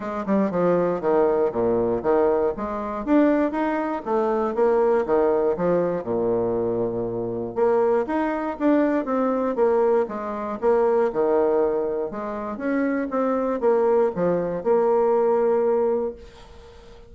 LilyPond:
\new Staff \with { instrumentName = "bassoon" } { \time 4/4 \tempo 4 = 119 gis8 g8 f4 dis4 ais,4 | dis4 gis4 d'4 dis'4 | a4 ais4 dis4 f4 | ais,2. ais4 |
dis'4 d'4 c'4 ais4 | gis4 ais4 dis2 | gis4 cis'4 c'4 ais4 | f4 ais2. | }